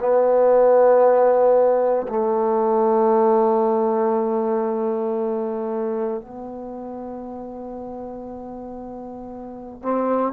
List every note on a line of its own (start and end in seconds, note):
0.00 2.07 B3
2.08 6.21 A3
6.21 9.82 B3
9.82 10.33 C4